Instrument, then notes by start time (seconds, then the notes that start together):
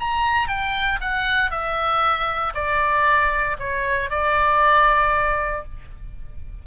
oboe
0.00 A#5
0.48 G5
1.01 F#5
1.51 E5
2.54 D5
3.59 C#5
4.10 D5